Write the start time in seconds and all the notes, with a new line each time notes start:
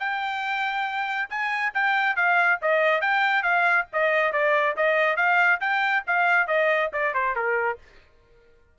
0.00 G5
1.30 G#5
1.75 G5
2.17 F5
2.62 D#5
3.02 G5
3.43 F5
3.93 D#5
4.33 D5
4.77 D#5
5.17 F5
5.61 G5
6.07 F5
6.48 D#5
6.93 D5
7.15 C5
7.36 A#4